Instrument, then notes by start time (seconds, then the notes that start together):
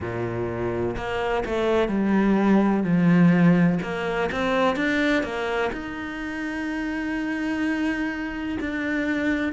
cello
0.00 A#2
0.96 A#3
1.45 A3
1.88 G3
2.83 F3
3.82 A#3
4.31 C4
4.76 D4
5.23 A#3
5.72 D#4
8.60 D4